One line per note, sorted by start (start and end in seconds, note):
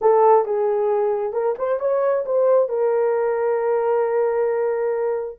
0.01 0.45 A4
0.45 1.32 G#4
1.32 1.55 A#4
1.58 1.79 C5
1.79 2.24 C#5
2.25 2.68 C5
2.68 5.39 A#4